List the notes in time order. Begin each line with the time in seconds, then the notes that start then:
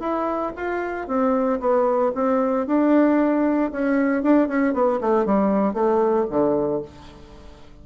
0.00 E4
0.56 F4
1.08 C4
1.60 B3
2.15 C4
2.67 D4
3.72 C#4
4.23 D4
4.48 C#4
4.74 B3
5.01 A3
5.26 G3
5.74 A3
6.30 D3